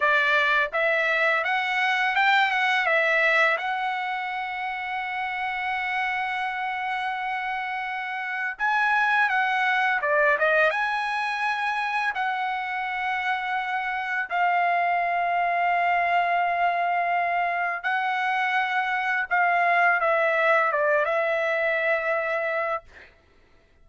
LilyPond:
\new Staff \with { instrumentName = "trumpet" } { \time 4/4 \tempo 4 = 84 d''4 e''4 fis''4 g''8 fis''8 | e''4 fis''2.~ | fis''1 | gis''4 fis''4 d''8 dis''8 gis''4~ |
gis''4 fis''2. | f''1~ | f''4 fis''2 f''4 | e''4 d''8 e''2~ e''8 | }